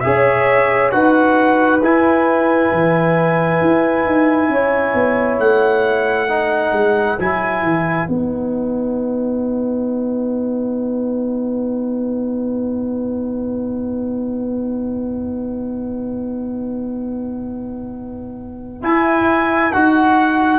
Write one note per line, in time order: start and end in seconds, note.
0.00 0.93 C#4
0.00 0.92 G#4
0.00 0.92 C#5
0.00 0.90 E5
0.91 1.82 D#4
0.91 1.81 F#4
0.91 4.50 B4
0.91 1.80 F#5
1.82 2.71 E4
1.82 6.29 E4
1.82 5.40 G#5
2.72 3.61 E3
3.61 4.05 E4
4.05 4.49 D#4
4.49 4.93 C#4
4.49 6.30 C#5
4.94 5.39 B3
5.39 6.72 A3
5.39 7.19 F#5
6.29 7.18 D#4
6.29 20.58 B4
6.72 7.17 G#3
7.19 7.62 F#3
7.19 8.09 E4
7.19 8.09 G#5
7.62 8.07 E3
8.08 18.83 B3
8.08 18.82 D#4
8.08 18.83 F#5
18.82 19.71 E4
18.82 19.73 E4
18.82 19.72 G#5
19.72 20.58 D#4
19.72 20.58 F#4
19.72 20.58 F#5